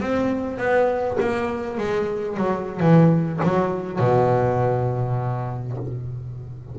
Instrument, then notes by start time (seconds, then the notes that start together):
double bass
0.00 C4
0.58 B3
1.20 A#3
1.78 G#3
2.37 F#3
2.80 E3
3.43 F#3
3.99 B2